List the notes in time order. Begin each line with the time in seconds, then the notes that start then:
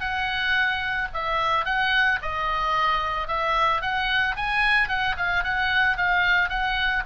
0.00 F#5
1.13 E5
1.65 F#5
2.21 D#5
3.27 E5
3.81 F#5
4.35 G#5
4.88 F#5
5.17 F5
5.43 F#5
5.97 F5
6.49 F#5